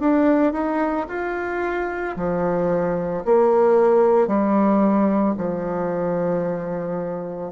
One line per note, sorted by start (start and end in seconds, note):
0.00 0.53 D4
0.53 1.07 D#4
1.09 2.16 F4
2.17 3.24 F3
3.25 4.28 A#3
4.28 5.35 G3
5.38 7.52 F3